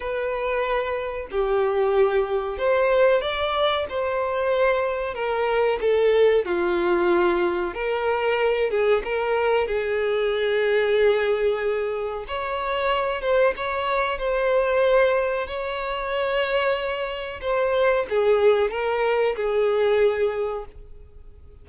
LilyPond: \new Staff \with { instrumentName = "violin" } { \time 4/4 \tempo 4 = 93 b'2 g'2 | c''4 d''4 c''2 | ais'4 a'4 f'2 | ais'4. gis'8 ais'4 gis'4~ |
gis'2. cis''4~ | cis''8 c''8 cis''4 c''2 | cis''2. c''4 | gis'4 ais'4 gis'2 | }